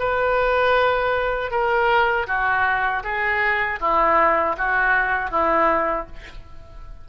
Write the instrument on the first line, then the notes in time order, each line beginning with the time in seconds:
oboe
0.00 B4
1.51 A#4
2.28 F#4
3.04 G#4
3.81 E4
4.58 F#4
5.31 E4